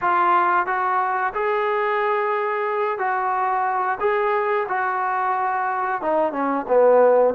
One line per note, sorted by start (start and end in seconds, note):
0.01 0.66 F4
0.66 1.33 F#4
1.34 2.98 G#4
2.98 3.98 F#4
4.00 4.66 G#4
4.68 6.02 F#4
6.02 6.32 D#4
6.32 6.65 C#4
6.68 7.34 B3